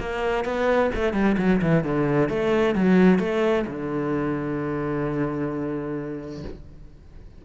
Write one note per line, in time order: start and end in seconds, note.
0.00 0.45 A#3
0.45 0.91 B3
0.95 1.13 A3
1.13 1.37 G3
1.38 1.61 F#3
1.62 1.84 E3
1.84 2.29 D3
2.29 2.75 A3
2.75 3.20 F#3
3.20 3.66 A3
3.67 6.44 D3